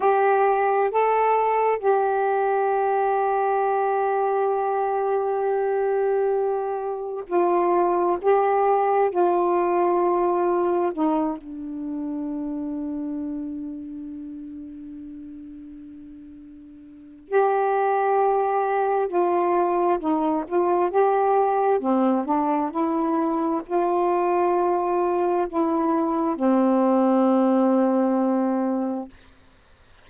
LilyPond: \new Staff \with { instrumentName = "saxophone" } { \time 4/4 \tempo 4 = 66 g'4 a'4 g'2~ | g'1 | f'4 g'4 f'2 | dis'8 d'2.~ d'8~ |
d'2. g'4~ | g'4 f'4 dis'8 f'8 g'4 | c'8 d'8 e'4 f'2 | e'4 c'2. | }